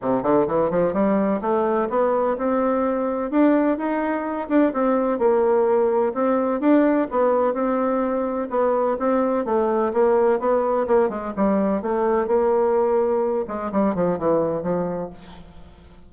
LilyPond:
\new Staff \with { instrumentName = "bassoon" } { \time 4/4 \tempo 4 = 127 c8 d8 e8 f8 g4 a4 | b4 c'2 d'4 | dis'4. d'8 c'4 ais4~ | ais4 c'4 d'4 b4 |
c'2 b4 c'4 | a4 ais4 b4 ais8 gis8 | g4 a4 ais2~ | ais8 gis8 g8 f8 e4 f4 | }